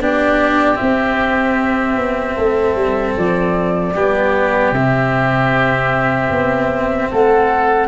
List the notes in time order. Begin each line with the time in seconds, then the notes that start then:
0.00 B3 D4 G4 D5
0.75 C4 E5
0.81 C4
1.97 B3
2.36 A3 A4
2.75 G3
3.17 F3 D5
3.94 G3 B3 G4
4.71 C3 C4 E5
6.30 B3
7.11 A3 A4 F#5